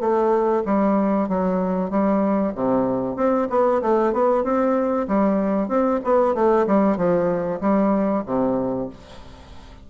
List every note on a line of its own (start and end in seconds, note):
0.00 0.63 A3
0.65 1.29 G3
1.29 1.90 F#3
1.90 2.53 G3
2.55 3.16 C3
3.16 3.48 C4
3.50 3.82 B3
3.82 4.13 A3
4.13 4.44 B3
4.44 5.07 C4
5.08 5.68 G3
5.68 6.00 C4
6.04 6.35 B3
6.35 6.66 A3
6.67 6.97 G3
6.97 7.60 F3
7.61 8.24 G3
8.26 8.89 C3